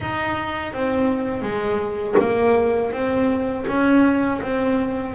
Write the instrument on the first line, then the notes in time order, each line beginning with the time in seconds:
double bass
0.00 D#4
0.73 C4
1.42 G#3
2.19 A#3
2.92 C4
3.67 C#4
4.41 C4